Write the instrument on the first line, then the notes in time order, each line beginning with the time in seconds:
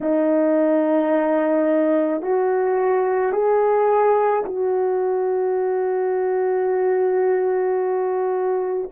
horn
0.00 D#4
2.22 F#4
3.32 G#4
4.44 F#4